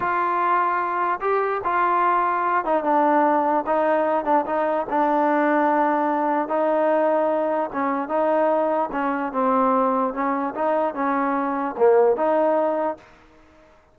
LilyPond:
\new Staff \with { instrumentName = "trombone" } { \time 4/4 \tempo 4 = 148 f'2. g'4 | f'2~ f'8 dis'8 d'4~ | d'4 dis'4. d'8 dis'4 | d'1 |
dis'2. cis'4 | dis'2 cis'4 c'4~ | c'4 cis'4 dis'4 cis'4~ | cis'4 ais4 dis'2 | }